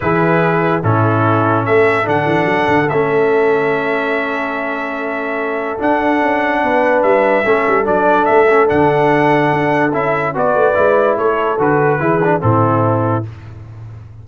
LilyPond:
<<
  \new Staff \with { instrumentName = "trumpet" } { \time 4/4 \tempo 4 = 145 b'2 a'2 | e''4 fis''2 e''4~ | e''1~ | e''2 fis''2~ |
fis''4 e''2 d''4 | e''4 fis''2. | e''4 d''2 cis''4 | b'2 a'2 | }
  \new Staff \with { instrumentName = "horn" } { \time 4/4 gis'2 e'2 | a'1~ | a'1~ | a'1 |
b'2 a'2~ | a'1~ | a'4 b'2 a'4~ | a'4 gis'4 e'2 | }
  \new Staff \with { instrumentName = "trombone" } { \time 4/4 e'2 cis'2~ | cis'4 d'2 cis'4~ | cis'1~ | cis'2 d'2~ |
d'2 cis'4 d'4~ | d'8 cis'8 d'2. | e'4 fis'4 e'2 | fis'4 e'8 d'8 c'2 | }
  \new Staff \with { instrumentName = "tuba" } { \time 4/4 e2 a,2 | a4 d8 e8 fis8 d8 a4~ | a1~ | a2 d'4 cis'4 |
b4 g4 a8 g8 fis4 | a4 d2 d'4 | cis'4 b8 a8 gis4 a4 | d4 e4 a,2 | }
>>